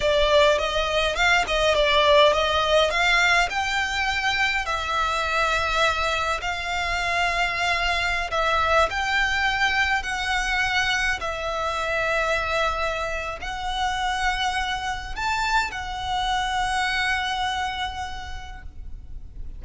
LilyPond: \new Staff \with { instrumentName = "violin" } { \time 4/4 \tempo 4 = 103 d''4 dis''4 f''8 dis''8 d''4 | dis''4 f''4 g''2 | e''2. f''4~ | f''2~ f''16 e''4 g''8.~ |
g''4~ g''16 fis''2 e''8.~ | e''2. fis''4~ | fis''2 a''4 fis''4~ | fis''1 | }